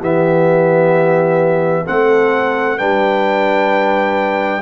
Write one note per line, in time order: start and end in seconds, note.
0.00 1.86 E3
0.00 1.86 B3
0.00 1.85 G4
0.00 1.87 E5
1.86 2.81 A3
1.86 2.78 C4
1.86 2.78 A4
1.86 2.79 F#5
2.78 4.62 G3
2.78 4.62 D4
2.78 4.62 B4
2.78 4.62 G5